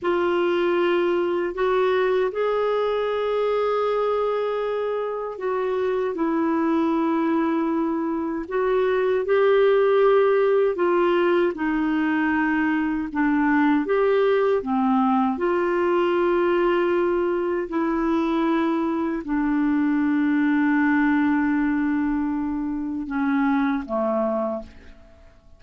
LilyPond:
\new Staff \with { instrumentName = "clarinet" } { \time 4/4 \tempo 4 = 78 f'2 fis'4 gis'4~ | gis'2. fis'4 | e'2. fis'4 | g'2 f'4 dis'4~ |
dis'4 d'4 g'4 c'4 | f'2. e'4~ | e'4 d'2.~ | d'2 cis'4 a4 | }